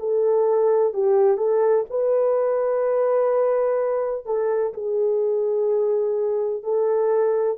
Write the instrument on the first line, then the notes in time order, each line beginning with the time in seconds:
horn
0.00 A4
0.94 G4
1.37 A4
1.90 B4
4.26 A4
4.74 G#4
6.64 A4